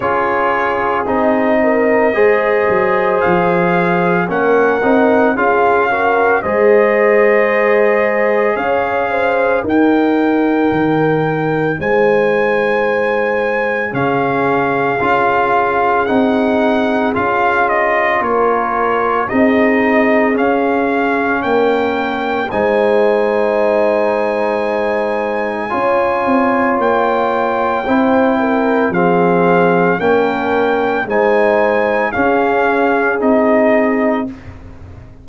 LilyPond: <<
  \new Staff \with { instrumentName = "trumpet" } { \time 4/4 \tempo 4 = 56 cis''4 dis''2 f''4 | fis''4 f''4 dis''2 | f''4 g''2 gis''4~ | gis''4 f''2 fis''4 |
f''8 dis''8 cis''4 dis''4 f''4 | g''4 gis''2.~ | gis''4 g''2 f''4 | g''4 gis''4 f''4 dis''4 | }
  \new Staff \with { instrumentName = "horn" } { \time 4/4 gis'4. ais'8 c''2 | ais'4 gis'8 ais'8 c''2 | cis''8 c''8 ais'2 c''4~ | c''4 gis'2.~ |
gis'4 ais'4 gis'2 | ais'4 c''2. | cis''2 c''8 ais'8 gis'4 | ais'4 c''4 gis'2 | }
  \new Staff \with { instrumentName = "trombone" } { \time 4/4 f'4 dis'4 gis'2 | cis'8 dis'8 f'8 fis'8 gis'2~ | gis'4 dis'2.~ | dis'4 cis'4 f'4 dis'4 |
f'2 dis'4 cis'4~ | cis'4 dis'2. | f'2 e'4 c'4 | cis'4 dis'4 cis'4 dis'4 | }
  \new Staff \with { instrumentName = "tuba" } { \time 4/4 cis'4 c'4 gis8 fis8 f4 | ais8 c'8 cis'4 gis2 | cis'4 dis'4 dis4 gis4~ | gis4 cis4 cis'4 c'4 |
cis'4 ais4 c'4 cis'4 | ais4 gis2. | cis'8 c'8 ais4 c'4 f4 | ais4 gis4 cis'4 c'4 | }
>>